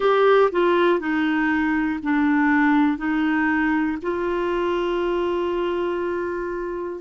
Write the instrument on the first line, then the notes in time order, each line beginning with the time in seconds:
clarinet
0.00 G4
0.51 F4
1.00 D#4
2.03 D4
2.97 D#4
4.02 F4